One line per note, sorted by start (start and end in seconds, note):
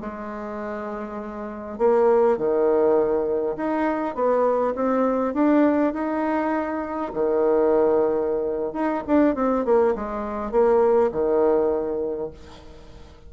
0.00 1.78 G#3
1.78 2.37 A#3
2.37 3.56 D#3
3.56 4.14 D#4
4.14 4.74 B3
4.75 5.34 C4
5.34 5.93 D4
5.93 7.12 D#4
7.13 8.73 D#3
8.73 9.02 D#4
9.07 9.35 D4
9.35 9.65 C4
9.65 9.95 A#3
9.95 10.51 G#3
10.51 11.10 A#3
11.12 12.31 D#3